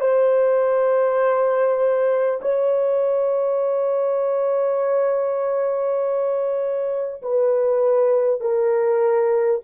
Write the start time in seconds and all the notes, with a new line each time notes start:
0.00 C5
2.41 C#5
7.22 B4
8.40 A#4